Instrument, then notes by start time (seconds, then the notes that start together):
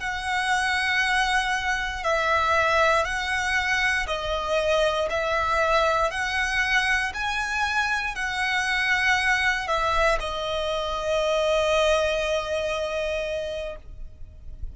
violin
0.00 F#5
2.04 E5
3.05 F#5
4.07 D#5
5.10 E5
6.11 F#5
7.14 G#5
8.15 F#5
9.68 E5
10.20 D#5